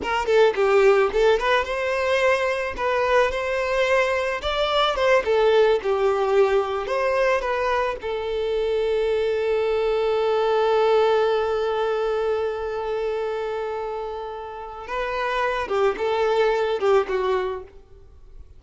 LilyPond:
\new Staff \with { instrumentName = "violin" } { \time 4/4 \tempo 4 = 109 ais'8 a'8 g'4 a'8 b'8 c''4~ | c''4 b'4 c''2 | d''4 c''8 a'4 g'4.~ | g'8 c''4 b'4 a'4.~ |
a'1~ | a'1~ | a'2. b'4~ | b'8 g'8 a'4. g'8 fis'4 | }